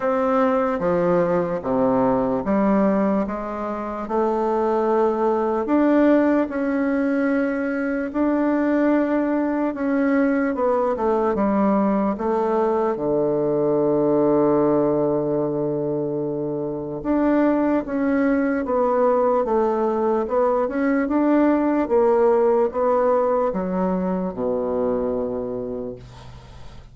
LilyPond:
\new Staff \with { instrumentName = "bassoon" } { \time 4/4 \tempo 4 = 74 c'4 f4 c4 g4 | gis4 a2 d'4 | cis'2 d'2 | cis'4 b8 a8 g4 a4 |
d1~ | d4 d'4 cis'4 b4 | a4 b8 cis'8 d'4 ais4 | b4 fis4 b,2 | }